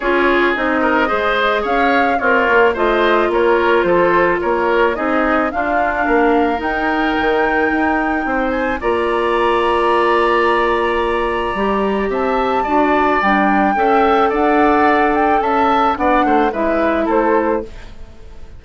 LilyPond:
<<
  \new Staff \with { instrumentName = "flute" } { \time 4/4 \tempo 4 = 109 cis''4 dis''2 f''4 | cis''4 dis''4 cis''4 c''4 | cis''4 dis''4 f''2 | g''2.~ g''8 gis''8 |
ais''1~ | ais''2 a''2 | g''2 fis''4. g''8 | a''4 fis''4 e''4 c''4 | }
  \new Staff \with { instrumentName = "oboe" } { \time 4/4 gis'4. ais'8 c''4 cis''4 | f'4 c''4 ais'4 a'4 | ais'4 gis'4 f'4 ais'4~ | ais'2. c''4 |
d''1~ | d''2 e''4 d''4~ | d''4 e''4 d''2 | e''4 d''8 c''8 b'4 a'4 | }
  \new Staff \with { instrumentName = "clarinet" } { \time 4/4 f'4 dis'4 gis'2 | ais'4 f'2.~ | f'4 dis'4 d'2 | dis'1 |
f'1~ | f'4 g'2 fis'4 | d'4 a'2.~ | a'4 d'4 e'2 | }
  \new Staff \with { instrumentName = "bassoon" } { \time 4/4 cis'4 c'4 gis4 cis'4 | c'8 ais8 a4 ais4 f4 | ais4 c'4 d'4 ais4 | dis'4 dis4 dis'4 c'4 |
ais1~ | ais4 g4 c'4 d'4 | g4 cis'4 d'2 | cis'4 b8 a8 gis4 a4 | }
>>